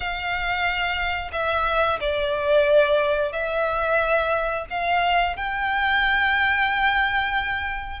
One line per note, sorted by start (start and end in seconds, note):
0.00 1.30 F5
1.32 1.98 E5
2.00 3.32 D5
3.32 4.65 E5
4.70 5.36 F5
5.36 8.00 G5